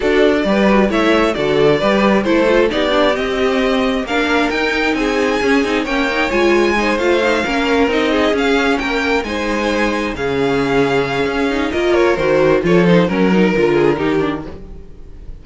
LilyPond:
<<
  \new Staff \with { instrumentName = "violin" } { \time 4/4 \tempo 4 = 133 d''2 e''4 d''4~ | d''4 c''4 d''4 dis''4~ | dis''4 f''4 g''4 gis''4~ | gis''4 g''4 gis''4. f''8~ |
f''4. dis''4 f''4 g''8~ | g''8 gis''2 f''4.~ | f''2 dis''8 cis''8 c''4 | cis''8 c''8 ais'2. | }
  \new Staff \with { instrumentName = "violin" } { \time 4/4 a'4 b'4 cis''4 a'4 | b'4 a'4 g'2~ | g'4 ais'2 gis'4~ | gis'4 cis''2 c''4~ |
c''8 ais'4. gis'4. ais'8~ | ais'8 c''2 gis'4.~ | gis'2 ais'2 | a'4 ais'4. gis'8 g'4 | }
  \new Staff \with { instrumentName = "viola" } { \time 4/4 fis'4 g'8 fis'8 e'4 fis'4 | g'4 e'8 f'8 dis'8 d'8 c'4~ | c'4 d'4 dis'2 | cis'8 dis'8 cis'8 dis'8 f'4 dis'8 f'8 |
dis'8 cis'4 dis'4 cis'4.~ | cis'8 dis'2 cis'4.~ | cis'4. dis'8 f'4 fis'4 | f'8 dis'8 cis'8 dis'8 f'4 dis'8 d'8 | }
  \new Staff \with { instrumentName = "cello" } { \time 4/4 d'4 g4 a4 d4 | g4 a4 b4 c'4~ | c'4 ais4 dis'4 c'4 | cis'8 c'8 ais4 gis4. a8~ |
a8 ais4 c'4 cis'4 ais8~ | ais8 gis2 cis4.~ | cis4 cis'4 ais4 dis4 | f4 fis4 d4 dis4 | }
>>